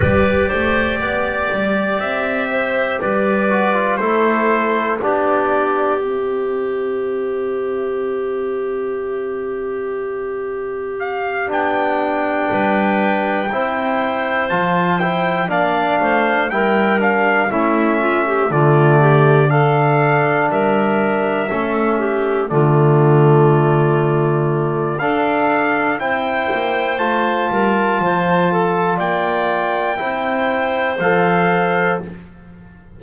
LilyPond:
<<
  \new Staff \with { instrumentName = "trumpet" } { \time 4/4 \tempo 4 = 60 d''2 e''4 d''4 | c''4 d''4 e''2~ | e''2. f''8 g''8~ | g''2~ g''8 a''8 g''8 f''8~ |
f''8 g''8 f''8 e''4 d''4 f''8~ | f''8 e''2 d''4.~ | d''4 f''4 g''4 a''4~ | a''4 g''2 f''4 | }
  \new Staff \with { instrumentName = "clarinet" } { \time 4/4 b'8 c''8 d''4. c''8 b'4 | a'4 g'2.~ | g'1~ | g'8 b'4 c''2 d''8 |
c''8 ais'4 e'8 f'16 g'16 f'8 g'8 a'8~ | a'8 ais'4 a'8 g'8 f'4.~ | f'4 a'4 c''4. ais'8 | c''8 a'8 d''4 c''2 | }
  \new Staff \with { instrumentName = "trombone" } { \time 4/4 g'2.~ g'8 fis'16 f'16 | e'4 d'4 c'2~ | c'2.~ c'8 d'8~ | d'4. e'4 f'8 e'8 d'8~ |
d'8 e'8 d'8 cis'4 a4 d'8~ | d'4. cis'4 a4.~ | a4 d'4 e'4 f'4~ | f'2 e'4 a'4 | }
  \new Staff \with { instrumentName = "double bass" } { \time 4/4 g8 a8 b8 g8 c'4 g4 | a4 b4 c'2~ | c'2.~ c'8 b8~ | b8 g4 c'4 f4 ais8 |
a8 g4 a4 d4.~ | d8 g4 a4 d4.~ | d4 d'4 c'8 ais8 a8 g8 | f4 ais4 c'4 f4 | }
>>